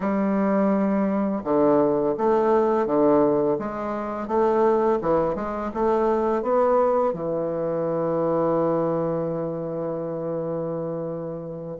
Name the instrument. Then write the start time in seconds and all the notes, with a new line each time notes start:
bassoon
0.00 G3
1.44 D3
2.17 A3
2.86 D3
3.58 G#3
4.27 A3
5.01 E3
5.35 G#3
5.74 A3
6.42 B3
7.13 E3